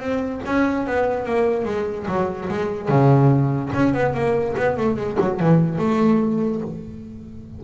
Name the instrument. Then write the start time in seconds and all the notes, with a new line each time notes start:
double bass
0.00 C4
0.46 C#4
0.87 B3
1.26 A#3
1.65 G#3
2.07 F#3
2.49 G#3
2.89 C#3
3.74 C#4
3.94 B3
4.14 A#3
4.57 B3
4.77 A3
4.97 G#3
5.20 F#3
5.40 E3
5.79 A3